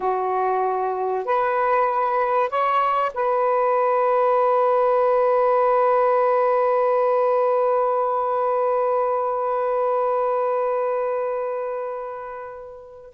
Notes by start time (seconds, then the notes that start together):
0.00 F#4
1.25 B4
2.49 C#5
3.14 B4